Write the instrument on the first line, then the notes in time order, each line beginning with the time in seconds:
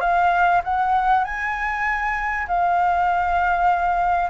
flute
0.00 F5
0.64 F#5
1.24 G#5
2.48 F5